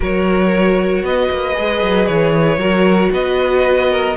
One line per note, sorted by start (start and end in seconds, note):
0.00 1.02 F#3
0.00 1.54 F#4
0.00 1.04 A#4
0.00 1.05 C#5
1.02 1.29 B3
1.02 2.59 B4
1.02 2.06 D#5
1.30 1.57 A#3
1.54 1.82 G#3
1.54 2.58 G#4
1.82 2.08 F#3
2.06 2.57 E3
2.06 3.11 C#5
2.57 3.09 F#3
2.57 4.15 F#4
2.57 3.11 A#4
3.12 4.16 B3
3.12 3.90 B4
3.12 4.16 D#5
3.90 4.16 A#4